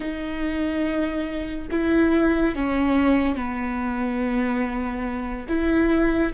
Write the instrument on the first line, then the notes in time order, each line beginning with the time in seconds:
viola
0.00 D#4
1.70 E4
2.55 C#4
3.35 B3
5.48 E4